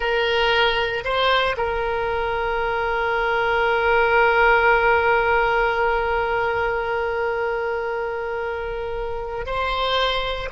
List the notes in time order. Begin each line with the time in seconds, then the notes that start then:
0.00 A#4
1.04 C5
1.57 A#4
9.45 C5